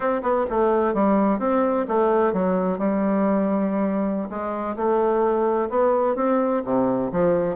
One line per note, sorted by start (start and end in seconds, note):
0.00 0.21 C4
0.22 0.45 B3
0.49 0.94 A3
0.94 1.39 G3
1.39 1.85 C4
1.88 2.33 A3
2.33 2.78 F#3
2.78 4.29 G3
4.29 4.76 G#3
4.76 5.69 A3
5.69 6.15 B3
6.15 6.62 C4
6.64 7.11 C3
7.12 7.56 F3